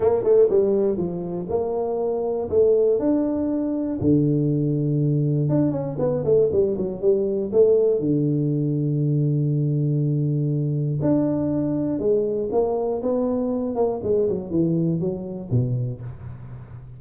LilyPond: \new Staff \with { instrumentName = "tuba" } { \time 4/4 \tempo 4 = 120 ais8 a8 g4 f4 ais4~ | ais4 a4 d'2 | d2. d'8 cis'8 | b8 a8 g8 fis8 g4 a4 |
d1~ | d2 d'2 | gis4 ais4 b4. ais8 | gis8 fis8 e4 fis4 b,4 | }